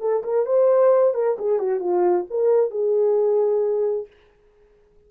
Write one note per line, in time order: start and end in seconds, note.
0.00 0.23 A4
0.23 0.45 A#4
0.45 1.14 C5
1.14 1.37 A#4
1.38 1.58 G#4
1.58 1.79 F#4
1.79 2.25 F4
2.30 2.70 A#4
2.70 4.07 G#4